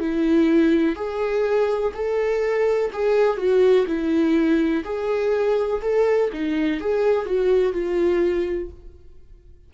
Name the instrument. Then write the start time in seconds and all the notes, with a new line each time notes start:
viola
0.00 E4
0.96 G#4
1.94 A4
2.93 G#4
3.37 F#4
3.87 E4
4.84 G#4
5.82 A4
6.33 D#4
6.80 G#4
7.26 F#4
7.73 F4